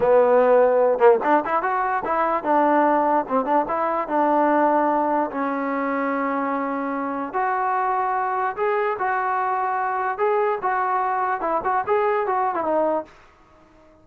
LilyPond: \new Staff \with { instrumentName = "trombone" } { \time 4/4 \tempo 4 = 147 b2~ b8 ais8 d'8 e'8 | fis'4 e'4 d'2 | c'8 d'8 e'4 d'2~ | d'4 cis'2.~ |
cis'2 fis'2~ | fis'4 gis'4 fis'2~ | fis'4 gis'4 fis'2 | e'8 fis'8 gis'4 fis'8. e'16 dis'4 | }